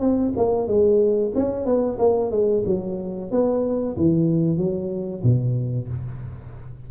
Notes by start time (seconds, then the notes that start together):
0.00 C4
0.36 A#3
0.67 G#3
1.35 C#4
1.65 B3
1.99 A#3
2.31 G#3
2.66 F#3
3.31 B3
3.96 E3
4.57 F#3
5.23 B2